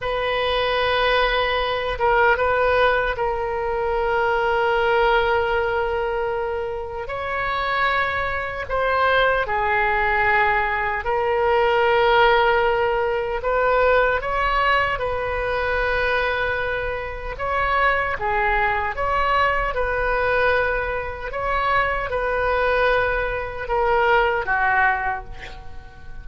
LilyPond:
\new Staff \with { instrumentName = "oboe" } { \time 4/4 \tempo 4 = 76 b'2~ b'8 ais'8 b'4 | ais'1~ | ais'4 cis''2 c''4 | gis'2 ais'2~ |
ais'4 b'4 cis''4 b'4~ | b'2 cis''4 gis'4 | cis''4 b'2 cis''4 | b'2 ais'4 fis'4 | }